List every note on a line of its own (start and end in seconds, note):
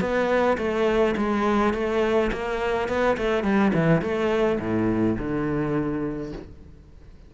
0.00 0.57 B3
0.57 1.15 A3
1.16 1.73 G#3
1.73 2.30 A3
2.32 2.88 A#3
2.88 3.16 B3
3.17 3.43 A3
3.43 3.72 G3
3.74 4.01 E3
4.01 4.58 A3
4.59 5.16 A2
5.18 6.32 D3